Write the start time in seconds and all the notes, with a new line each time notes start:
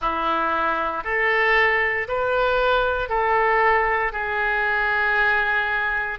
0.01 E4
1.03 A4
2.07 B4
3.08 A4
4.12 G#4